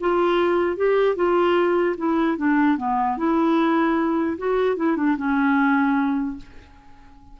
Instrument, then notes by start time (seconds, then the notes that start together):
clarinet
0.00 F4
0.76 G4
1.15 F4
1.97 E4
2.37 D4
2.77 B3
3.17 E4
4.38 F#4
4.76 E4
4.96 D4
5.17 C#4